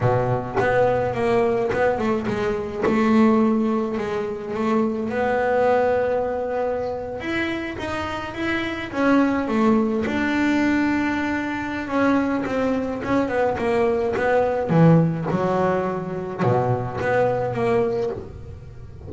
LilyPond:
\new Staff \with { instrumentName = "double bass" } { \time 4/4 \tempo 4 = 106 b,4 b4 ais4 b8 a8 | gis4 a2 gis4 | a4 b2.~ | b8. e'4 dis'4 e'4 cis'16~ |
cis'8. a4 d'2~ d'16~ | d'4 cis'4 c'4 cis'8 b8 | ais4 b4 e4 fis4~ | fis4 b,4 b4 ais4 | }